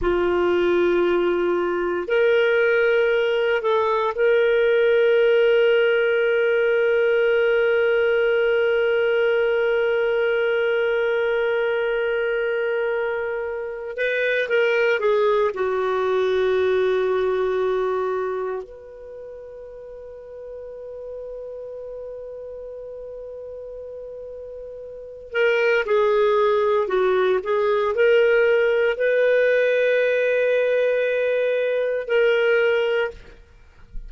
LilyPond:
\new Staff \with { instrumentName = "clarinet" } { \time 4/4 \tempo 4 = 58 f'2 ais'4. a'8 | ais'1~ | ais'1~ | ais'4. b'8 ais'8 gis'8 fis'4~ |
fis'2 b'2~ | b'1~ | b'8 ais'8 gis'4 fis'8 gis'8 ais'4 | b'2. ais'4 | }